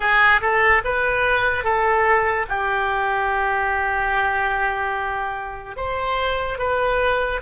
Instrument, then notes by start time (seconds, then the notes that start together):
oboe
0.00 G#4
0.41 A4
0.84 B4
1.64 A4
2.48 G4
5.76 C5
6.58 B4